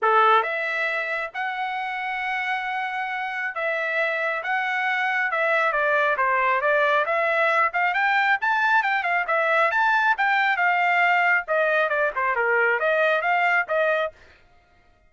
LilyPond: \new Staff \with { instrumentName = "trumpet" } { \time 4/4 \tempo 4 = 136 a'4 e''2 fis''4~ | fis''1 | e''2 fis''2 | e''4 d''4 c''4 d''4 |
e''4. f''8 g''4 a''4 | g''8 f''8 e''4 a''4 g''4 | f''2 dis''4 d''8 c''8 | ais'4 dis''4 f''4 dis''4 | }